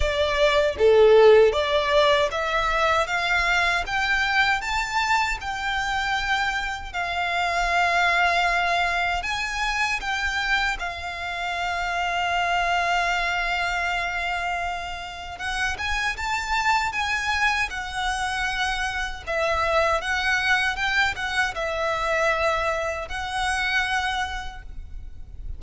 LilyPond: \new Staff \with { instrumentName = "violin" } { \time 4/4 \tempo 4 = 78 d''4 a'4 d''4 e''4 | f''4 g''4 a''4 g''4~ | g''4 f''2. | gis''4 g''4 f''2~ |
f''1 | fis''8 gis''8 a''4 gis''4 fis''4~ | fis''4 e''4 fis''4 g''8 fis''8 | e''2 fis''2 | }